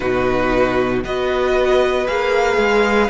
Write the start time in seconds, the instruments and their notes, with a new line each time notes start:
0.00 cello B2, viola D#4, violin F#4 B4
1.03 cello B3, viola F#4, violin B4 D#5
2.07 cello A#3, viola G#4, violin F5
2.57 cello G#3